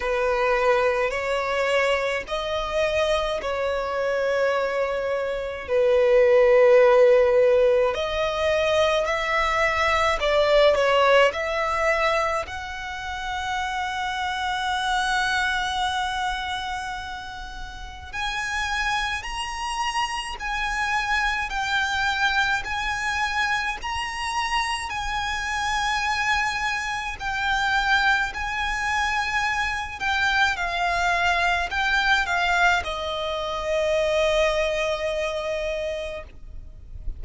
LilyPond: \new Staff \with { instrumentName = "violin" } { \time 4/4 \tempo 4 = 53 b'4 cis''4 dis''4 cis''4~ | cis''4 b'2 dis''4 | e''4 d''8 cis''8 e''4 fis''4~ | fis''1 |
gis''4 ais''4 gis''4 g''4 | gis''4 ais''4 gis''2 | g''4 gis''4. g''8 f''4 | g''8 f''8 dis''2. | }